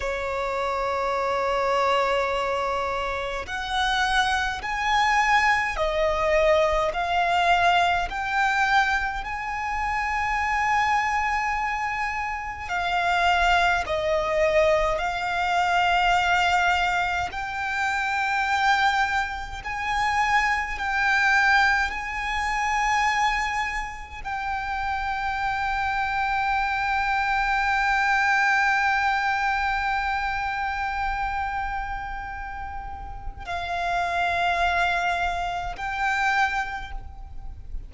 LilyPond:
\new Staff \with { instrumentName = "violin" } { \time 4/4 \tempo 4 = 52 cis''2. fis''4 | gis''4 dis''4 f''4 g''4 | gis''2. f''4 | dis''4 f''2 g''4~ |
g''4 gis''4 g''4 gis''4~ | gis''4 g''2.~ | g''1~ | g''4 f''2 g''4 | }